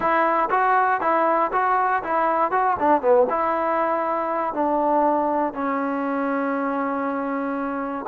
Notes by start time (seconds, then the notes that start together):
0.00 E4
0.50 F#4
1.00 E4
1.52 F#4
2.03 E4
2.51 F#4
2.79 D4
3.01 B3
3.29 E4
4.53 D4
5.53 C#4